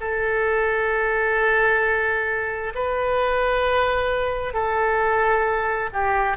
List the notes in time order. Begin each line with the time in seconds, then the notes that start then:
0.00 A4
2.74 B4
4.53 A4
5.93 G4